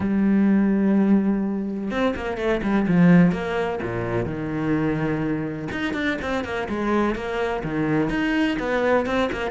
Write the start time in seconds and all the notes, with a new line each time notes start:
0.00 G3
1.90 C4
2.16 A#3
2.37 A3
2.63 G3
2.87 F3
3.32 A#3
3.82 A#2
4.25 D#3
5.71 D#4
5.93 D4
6.21 C4
6.44 A#3
6.68 G#3
7.15 A#3
7.63 D#3
8.09 D#4
8.59 B3
9.06 C4
9.32 A#3